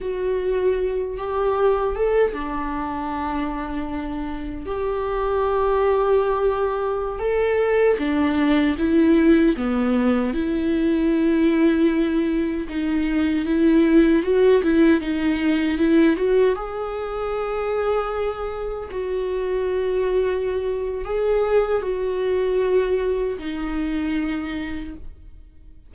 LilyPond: \new Staff \with { instrumentName = "viola" } { \time 4/4 \tempo 4 = 77 fis'4. g'4 a'8 d'4~ | d'2 g'2~ | g'4~ g'16 a'4 d'4 e'8.~ | e'16 b4 e'2~ e'8.~ |
e'16 dis'4 e'4 fis'8 e'8 dis'8.~ | dis'16 e'8 fis'8 gis'2~ gis'8.~ | gis'16 fis'2~ fis'8. gis'4 | fis'2 dis'2 | }